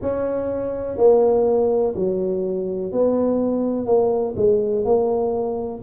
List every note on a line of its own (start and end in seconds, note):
0.01 0.97 C#4
0.97 1.94 A#3
1.95 2.92 F#3
2.92 3.86 B3
3.86 4.34 A#3
4.36 4.84 G#3
4.84 5.81 A#3